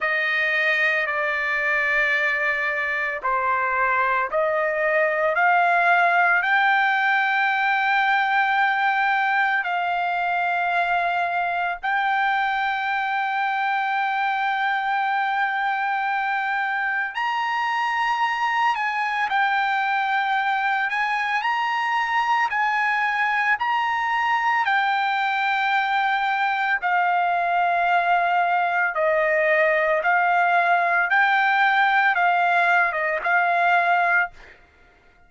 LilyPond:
\new Staff \with { instrumentName = "trumpet" } { \time 4/4 \tempo 4 = 56 dis''4 d''2 c''4 | dis''4 f''4 g''2~ | g''4 f''2 g''4~ | g''1 |
ais''4. gis''8 g''4. gis''8 | ais''4 gis''4 ais''4 g''4~ | g''4 f''2 dis''4 | f''4 g''4 f''8. dis''16 f''4 | }